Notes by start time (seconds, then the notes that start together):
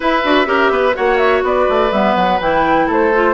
0.00 E4 B4 E5
0.23 D4 F#4
0.45 C#4 G4 A#4
0.70 B3 B4
0.94 A#3 F#4 C#5 F#5
1.17 E5
1.43 B3 B4 D5
1.69 A3
1.91 G3 B3 E5
2.15 F#3 F#5
2.40 E3 E4 G5
2.87 A3 A4 C5
3.14 F4